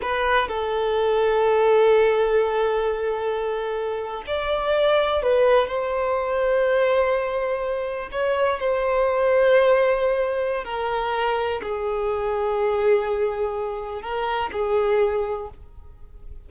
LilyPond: \new Staff \with { instrumentName = "violin" } { \time 4/4 \tempo 4 = 124 b'4 a'2.~ | a'1~ | a'8. d''2 b'4 c''16~ | c''1~ |
c''8. cis''4 c''2~ c''16~ | c''2 ais'2 | gis'1~ | gis'4 ais'4 gis'2 | }